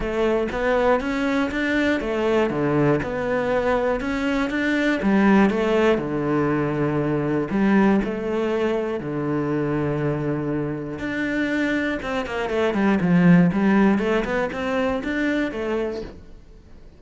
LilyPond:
\new Staff \with { instrumentName = "cello" } { \time 4/4 \tempo 4 = 120 a4 b4 cis'4 d'4 | a4 d4 b2 | cis'4 d'4 g4 a4 | d2. g4 |
a2 d2~ | d2 d'2 | c'8 ais8 a8 g8 f4 g4 | a8 b8 c'4 d'4 a4 | }